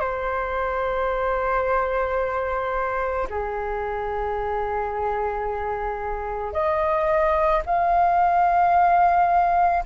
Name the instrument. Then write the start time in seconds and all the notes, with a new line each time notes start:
flute
0.00 C5
3.30 G#4
6.53 D#5
7.66 F5